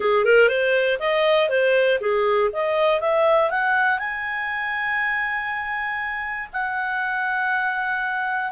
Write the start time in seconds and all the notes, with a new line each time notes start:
0.00 G#4
0.25 A#4
0.48 C5
0.99 D#5
1.49 C5
2.00 G#4
2.52 D#5
3.00 E5
3.50 F#5
3.98 G#5
6.52 F#5